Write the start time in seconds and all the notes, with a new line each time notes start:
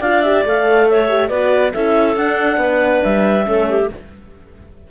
0.00 D4 F4 D5 F5
0.22 G4 E5
0.45 A3 A4 F5
0.89 C#5 E5
1.08 G4
1.28 B3 F#4 B4 D5
1.73 C#4 E4 A4 E5
2.16 D4 F#5
2.57 B3 B4
3.03 G3 E5
3.44 A3 C#4 A4
3.69 G4